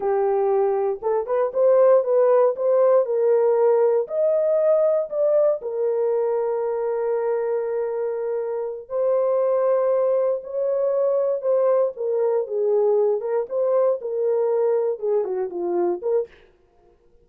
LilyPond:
\new Staff \with { instrumentName = "horn" } { \time 4/4 \tempo 4 = 118 g'2 a'8 b'8 c''4 | b'4 c''4 ais'2 | dis''2 d''4 ais'4~ | ais'1~ |
ais'4. c''2~ c''8~ | c''8 cis''2 c''4 ais'8~ | ais'8 gis'4. ais'8 c''4 ais'8~ | ais'4. gis'8 fis'8 f'4 ais'8 | }